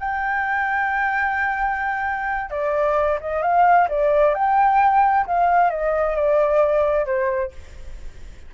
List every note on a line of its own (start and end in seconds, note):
0.00 2.51 G5
2.51 3.19 D5
3.21 3.42 D#5
3.42 3.88 F5
3.89 4.35 D5
4.35 5.26 G5
5.27 5.70 F5
5.70 6.16 D#5
6.16 7.06 D5
7.06 7.52 C5